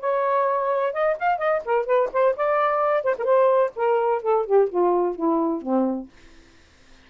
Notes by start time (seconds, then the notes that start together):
0.00 C#5
0.93 D#5
1.19 F5
1.38 D#5
1.65 A#4
1.86 B4
2.12 C5
2.36 D5
3.04 C5
3.19 A#4 C5
3.76 A#4
4.22 A4
4.46 G4
4.69 F4
5.15 E4
5.62 C4